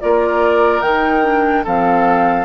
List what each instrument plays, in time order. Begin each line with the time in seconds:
0.00 bassoon A#3, clarinet F4, oboe A#4, flute D5
0.81 bassoon D#3, clarinet D#4, flute G5
1.23 clarinet D4
1.64 bassoon F3, clarinet C4, oboe A4, flute F5